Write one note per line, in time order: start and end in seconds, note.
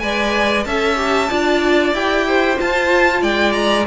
0.00 0.66 G#3
0.00 0.67 B4
0.00 0.67 D5
0.00 0.65 G#5
0.65 1.31 C#4
0.65 0.97 A4
0.65 1.30 E5
0.65 1.94 A5
0.97 1.29 G4
1.30 1.94 D4
1.30 1.95 F4
1.30 2.27 D5
1.94 2.58 E4
1.94 2.55 G4
1.94 2.59 G5
2.28 3.22 C5
2.55 3.84 F4
2.55 3.24 A5
2.62 3.23 F4
3.22 3.87 G#3
3.22 3.87 D5
3.22 3.53 G5
3.53 3.85 A#5